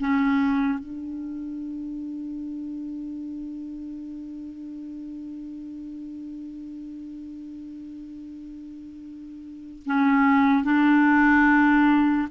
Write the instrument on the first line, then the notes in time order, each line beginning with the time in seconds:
clarinet
0.00 C#4
0.79 D4
9.86 C#4
10.64 D4